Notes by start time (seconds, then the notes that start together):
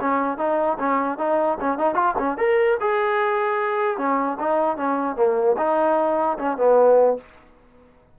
0.00 C#4
0.37 D#4
0.79 C#4
1.18 D#4
1.60 C#4
1.78 D#4
1.94 F4
2.18 C#4
2.37 A#4
2.80 G#4
3.97 C#4
4.39 D#4
4.77 C#4
5.16 A#3
5.57 D#4
6.38 C#4
6.57 B3